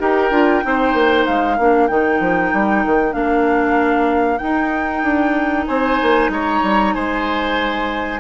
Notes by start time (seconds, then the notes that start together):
0.00 D#4 G4 A#4 G5
0.31 D4 F4
0.63 C4 D#4 C5
0.94 A#3
1.26 G#3 F5
1.57 A#3 D4 A#4
1.87 D#3 D#4 G5
2.20 F3
2.53 G3
2.86 D#3
3.11 A#3 D4 F5
4.38 D#4 G5
5.03 D4
5.67 C4 C5 G#5
6.02 A#3
6.29 G#3 C#5 A#5
6.63 G3
6.94 G#3 C5 G#5